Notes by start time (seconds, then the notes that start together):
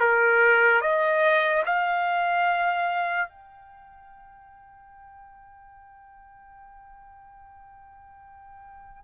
0.00 A#4
0.81 D#5
1.66 F5
3.29 G5